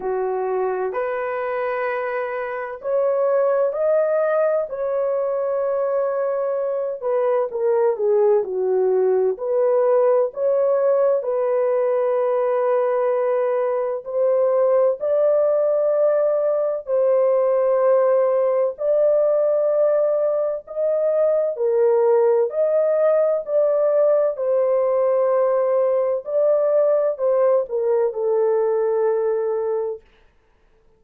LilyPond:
\new Staff \with { instrumentName = "horn" } { \time 4/4 \tempo 4 = 64 fis'4 b'2 cis''4 | dis''4 cis''2~ cis''8 b'8 | ais'8 gis'8 fis'4 b'4 cis''4 | b'2. c''4 |
d''2 c''2 | d''2 dis''4 ais'4 | dis''4 d''4 c''2 | d''4 c''8 ais'8 a'2 | }